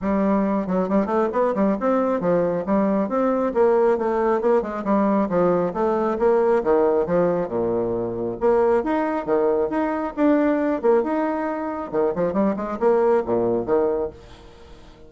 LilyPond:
\new Staff \with { instrumentName = "bassoon" } { \time 4/4 \tempo 4 = 136 g4. fis8 g8 a8 b8 g8 | c'4 f4 g4 c'4 | ais4 a4 ais8 gis8 g4 | f4 a4 ais4 dis4 |
f4 ais,2 ais4 | dis'4 dis4 dis'4 d'4~ | d'8 ais8 dis'2 dis8 f8 | g8 gis8 ais4 ais,4 dis4 | }